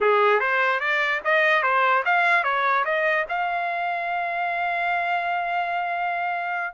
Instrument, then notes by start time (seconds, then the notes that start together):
trumpet
0.01 G#4
0.40 C5
0.80 D5
1.24 D#5
1.63 C5
2.05 F5
2.43 C#5
2.84 D#5
3.29 F5